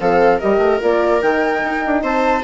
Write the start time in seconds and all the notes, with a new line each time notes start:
0.00 F3 C4 A4 F5
0.39 G3 G4 A#4 D#5
0.58 A3
0.81 A#3 F4 D5
1.21 D#3 D#4 G5
1.64 D#4
1.87 D4
2.03 C4 C5 A5